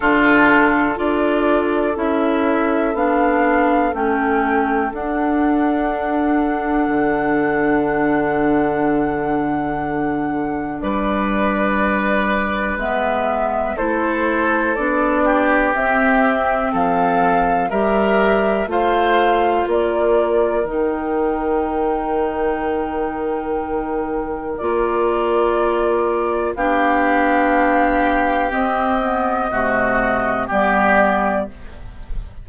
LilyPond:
<<
  \new Staff \with { instrumentName = "flute" } { \time 4/4 \tempo 4 = 61 a'4 d''4 e''4 f''4 | g''4 fis''2.~ | fis''2. d''4~ | d''4 e''4 c''4 d''4 |
e''4 f''4 e''4 f''4 | d''4 g''2.~ | g''4 d''2 f''4~ | f''4 dis''2 d''4 | }
  \new Staff \with { instrumentName = "oboe" } { \time 4/4 f'4 a'2.~ | a'1~ | a'2. b'4~ | b'2 a'4. g'8~ |
g'4 a'4 ais'4 c''4 | ais'1~ | ais'2. g'4~ | g'2 fis'4 g'4 | }
  \new Staff \with { instrumentName = "clarinet" } { \time 4/4 d'4 f'4 e'4 d'4 | cis'4 d'2.~ | d'1~ | d'4 b4 e'4 d'4 |
c'2 g'4 f'4~ | f'4 dis'2.~ | dis'4 f'2 d'4~ | d'4 c'8 b8 a4 b4 | }
  \new Staff \with { instrumentName = "bassoon" } { \time 4/4 d4 d'4 cis'4 b4 | a4 d'2 d4~ | d2. g4~ | g4 gis4 a4 b4 |
c'4 f4 g4 a4 | ais4 dis2.~ | dis4 ais2 b4~ | b4 c'4 c4 g4 | }
>>